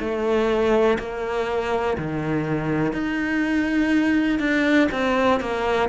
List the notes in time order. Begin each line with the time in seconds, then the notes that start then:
0.00 A3
0.99 A#3
1.98 D#3
2.93 D#4
4.39 D4
4.92 C4
5.41 A#3